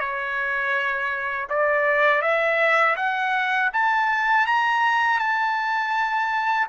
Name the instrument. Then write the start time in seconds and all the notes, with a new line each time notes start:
trumpet
0.00 C#5
1.49 D5
2.22 E5
2.96 F#5
3.73 A5
4.47 A#5
5.19 A5